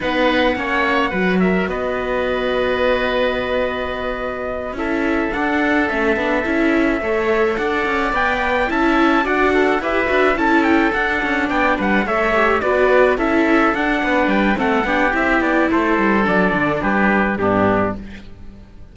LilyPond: <<
  \new Staff \with { instrumentName = "trumpet" } { \time 4/4 \tempo 4 = 107 fis''2~ fis''8 e''8 dis''4~ | dis''1~ | dis''8 e''4 fis''4 e''4.~ | e''4. fis''4 g''4 a''8~ |
a''8 fis''4 e''4 a''8 g''8 fis''8~ | fis''8 g''8 fis''8 e''4 d''4 e''8~ | e''8 fis''4 g''8 fis''4 e''8 d''8 | c''4 d''4 b'4 g'4 | }
  \new Staff \with { instrumentName = "oboe" } { \time 4/4 b'4 cis''4 b'8 ais'8 b'4~ | b'1~ | b'8 a'2.~ a'8~ | a'8 cis''4 d''2 e''8~ |
e''8 d''8 a'8 b'4 a'4.~ | a'8 d''8 b'8 cis''4 b'4 a'8~ | a'4 b'4 a'8 g'4. | a'2 g'4 d'4 | }
  \new Staff \with { instrumentName = "viola" } { \time 4/4 dis'4 cis'4 fis'2~ | fis'1~ | fis'8 e'4 d'4 cis'8 d'8 e'8~ | e'8 a'2 b'4 e'8~ |
e'8 fis'4 g'8 fis'8 e'4 d'8~ | d'4. a'8 g'8 fis'4 e'8~ | e'8 d'4. c'8 d'8 e'4~ | e'4 d'2 b4 | }
  \new Staff \with { instrumentName = "cello" } { \time 4/4 b4 ais4 fis4 b4~ | b1~ | b8 cis'4 d'4 a8 b8 cis'8~ | cis'8 a4 d'8 cis'8 b4 cis'8~ |
cis'8 d'4 e'8 d'8 cis'4 d'8 | cis'8 b8 g8 a4 b4 cis'8~ | cis'8 d'8 b8 g8 a8 b8 c'8 b8 | a8 g8 fis8 d8 g4 g,4 | }
>>